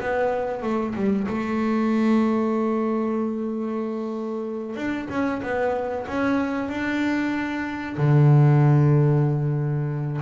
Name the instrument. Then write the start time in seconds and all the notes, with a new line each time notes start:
double bass
0.00 B3
0.62 A3
0.95 G3
1.28 A3
4.76 D4
5.10 C#4
5.42 B3
6.08 C#4
6.69 D4
7.97 D3